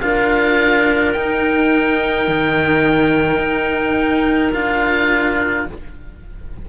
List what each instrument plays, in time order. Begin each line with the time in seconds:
0.00 cello D4 F4, clarinet A#4, oboe F5
1.12 cello D#4, oboe G5
2.28 cello D#3
3.38 cello D#4
4.53 cello D4 F4, oboe F5